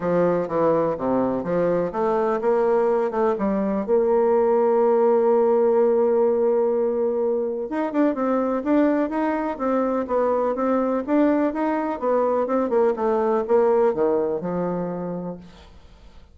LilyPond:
\new Staff \with { instrumentName = "bassoon" } { \time 4/4 \tempo 4 = 125 f4 e4 c4 f4 | a4 ais4. a8 g4 | ais1~ | ais1 |
dis'8 d'8 c'4 d'4 dis'4 | c'4 b4 c'4 d'4 | dis'4 b4 c'8 ais8 a4 | ais4 dis4 f2 | }